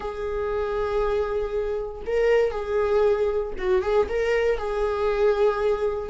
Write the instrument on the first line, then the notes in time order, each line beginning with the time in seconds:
viola
0.00 G#4
2.06 A#4
2.51 G#4
3.57 F#4
3.82 G#4
4.08 A#4
4.58 G#4